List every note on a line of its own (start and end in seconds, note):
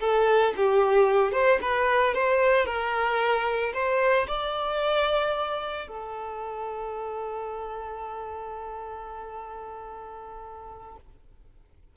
0.00 0.54 A4
0.56 1.32 G4
1.32 1.59 C5
1.61 2.14 B4
2.14 2.66 C5
2.66 3.73 A#4
3.73 4.26 C5
4.27 5.87 D5
5.87 10.96 A4